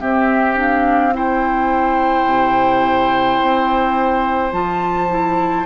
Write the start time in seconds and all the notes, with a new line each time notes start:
0.00 C4 G4 E5
0.56 D4 F5
1.13 E4 C5 G5
2.26 C3
3.41 C4
4.53 F3 F4 A5
5.10 E4